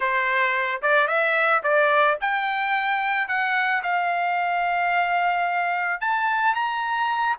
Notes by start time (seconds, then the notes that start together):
0.00 C5
0.82 D5
1.07 E5
1.63 D5
2.20 G5
3.28 F#5
3.82 F5
6.00 A5
6.54 A#5